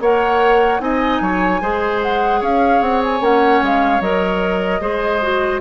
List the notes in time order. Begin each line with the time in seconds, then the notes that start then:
0.00 A#3 A#4 C#5 F#5
0.79 C4 D#4 D#5 G#5
1.20 F#3 C#5
1.61 G#3 G#4 C5
2.02 F#5
2.40 C#4 C#5 F5
2.80 C4 F#5
3.04 G#5
3.21 A#3 C#4 F#5
3.62 G#3 F5
4.00 F#3 A#4 D#5
4.80 G#3 G#4 C5
5.22 F#4